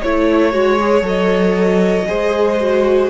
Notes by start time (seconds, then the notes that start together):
0.00 A3 E4 C#5
0.52 G#3 F#4
0.80 G#4
1.02 F#3 A4 D#5
2.06 G#3 G#4 C5
2.60 F#4